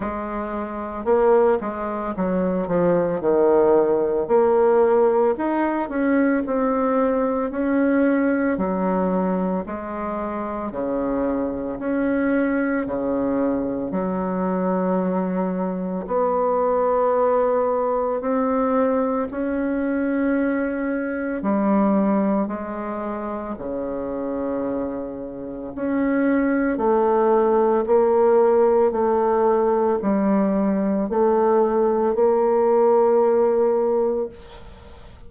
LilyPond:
\new Staff \with { instrumentName = "bassoon" } { \time 4/4 \tempo 4 = 56 gis4 ais8 gis8 fis8 f8 dis4 | ais4 dis'8 cis'8 c'4 cis'4 | fis4 gis4 cis4 cis'4 | cis4 fis2 b4~ |
b4 c'4 cis'2 | g4 gis4 cis2 | cis'4 a4 ais4 a4 | g4 a4 ais2 | }